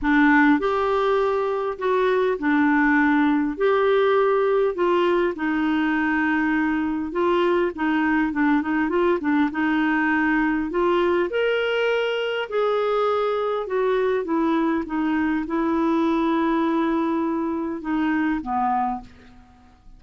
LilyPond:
\new Staff \with { instrumentName = "clarinet" } { \time 4/4 \tempo 4 = 101 d'4 g'2 fis'4 | d'2 g'2 | f'4 dis'2. | f'4 dis'4 d'8 dis'8 f'8 d'8 |
dis'2 f'4 ais'4~ | ais'4 gis'2 fis'4 | e'4 dis'4 e'2~ | e'2 dis'4 b4 | }